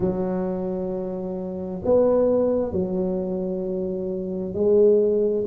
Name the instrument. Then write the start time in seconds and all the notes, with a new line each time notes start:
tuba
0.00 F#3
1.84 B3
2.72 F#3
4.54 G#3